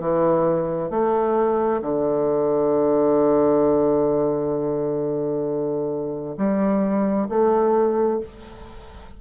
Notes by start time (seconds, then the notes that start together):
0.00 E3
0.90 A3
1.82 D3
6.38 G3
7.29 A3